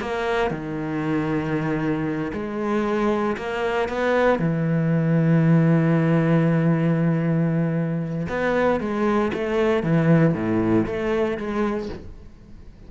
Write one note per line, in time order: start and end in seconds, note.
0.00 0.50 A#3
0.50 2.31 D#3
2.33 3.36 G#3
3.37 3.88 A#3
3.88 4.39 B3
4.39 8.27 E3
8.28 8.80 B3
8.80 9.31 G#3
9.33 9.82 A3
9.82 10.34 E3
10.34 10.86 A2
10.86 11.37 A3
11.37 11.89 G#3